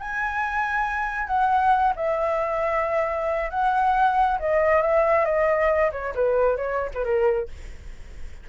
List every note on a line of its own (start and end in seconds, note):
0.00 1.28 G#5
1.28 1.94 F#5
1.96 3.51 E5
3.51 4.39 F#5
4.40 4.82 D#5
4.82 5.25 E5
5.25 5.92 D#5
5.92 6.14 C#5
6.15 6.57 B4
6.57 6.90 C#5
6.94 7.05 B4
7.05 7.49 A#4